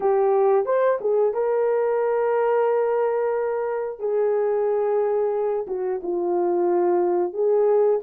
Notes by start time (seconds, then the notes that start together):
0.00 G4
0.65 C5
1.00 G#4
1.33 A#4
3.99 G#4
5.67 F#4
6.02 F4
7.33 G#4